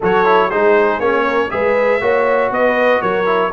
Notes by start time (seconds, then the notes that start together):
0.00 F#3 F#4 A4 C#5
0.25 E4
0.48 G#3 D#4 G#4 C5
0.99 A#3 C#4 C#5
1.25 A#4
1.49 G#3 G#4 B4 E5
2.00 A#3 F#4 C#5
2.50 B3 B4 D#5
3.01 F#3 A#4 C#5
3.25 E4